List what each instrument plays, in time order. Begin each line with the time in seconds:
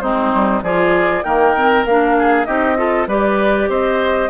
0.00 bassoon G#3, clarinet C4, oboe D#4, flute C5
0.34 bassoon G3
0.62 bassoon F3, clarinet F4, oboe G#4, flute D5
1.24 bassoon D#3, clarinet A#3, oboe A#4, flute G5
1.56 clarinet C4
1.85 bassoon A#3, clarinet D4, flute F5
2.18 oboe G#4
2.45 bassoon C4, clarinet D#4, oboe G4, flute D#5
2.77 clarinet F4, oboe A4
3.07 bassoon G3, clarinet G4, oboe B4, flute D5
3.68 bassoon C4, oboe C5, flute D#5